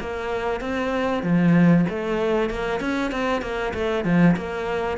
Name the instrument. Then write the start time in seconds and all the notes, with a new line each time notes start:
cello
0.00 A#3
0.61 C4
1.23 F3
1.89 A3
2.50 A#3
2.80 C#4
3.11 C4
3.42 A#3
3.74 A3
4.05 F3
4.37 A#3